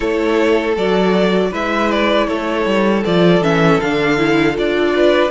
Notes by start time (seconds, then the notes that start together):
0.00 A3 E4 A4 C#5
0.76 F#3 F#4 D5
1.51 G#3 E4 B4 E5
1.91 D5
2.27 A3 A4 C#5
2.65 G3
3.04 F3 F4 D5
3.40 E3 C#4 E5
3.80 D3 D4 F5
4.17 E4
4.53 D4 F4 D5
4.95 B4